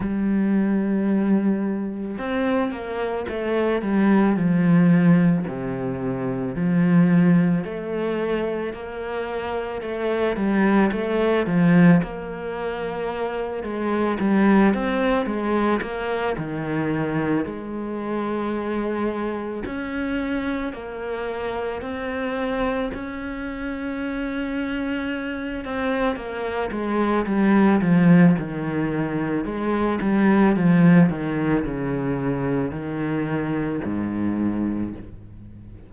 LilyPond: \new Staff \with { instrumentName = "cello" } { \time 4/4 \tempo 4 = 55 g2 c'8 ais8 a8 g8 | f4 c4 f4 a4 | ais4 a8 g8 a8 f8 ais4~ | ais8 gis8 g8 c'8 gis8 ais8 dis4 |
gis2 cis'4 ais4 | c'4 cis'2~ cis'8 c'8 | ais8 gis8 g8 f8 dis4 gis8 g8 | f8 dis8 cis4 dis4 gis,4 | }